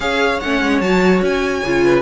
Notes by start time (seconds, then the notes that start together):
0.00 C#4 G#4 C#5 F5
0.40 A3 C#4 F#5
0.62 G#3
0.80 F#3 F#4 A5
1.21 C#4 G#5
1.64 C#3 F4
1.84 B4